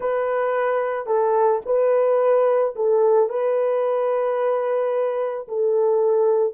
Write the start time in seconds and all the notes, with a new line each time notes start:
0.00 B4
1.06 A4
1.65 B4
2.75 A4
3.29 B4
5.47 A4